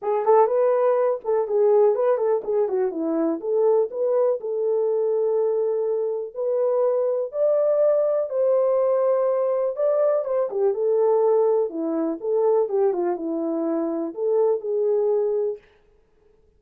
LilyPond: \new Staff \with { instrumentName = "horn" } { \time 4/4 \tempo 4 = 123 gis'8 a'8 b'4. a'8 gis'4 | b'8 a'8 gis'8 fis'8 e'4 a'4 | b'4 a'2.~ | a'4 b'2 d''4~ |
d''4 c''2. | d''4 c''8 g'8 a'2 | e'4 a'4 g'8 f'8 e'4~ | e'4 a'4 gis'2 | }